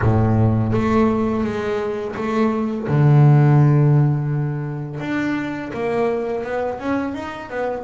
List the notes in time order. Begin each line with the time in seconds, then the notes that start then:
0.01 A2
0.72 A3
1.44 G#3
2.15 A3
2.87 D3
5.00 D4
5.73 A#3
6.44 B3
6.79 C#4
7.14 D#4
7.50 B3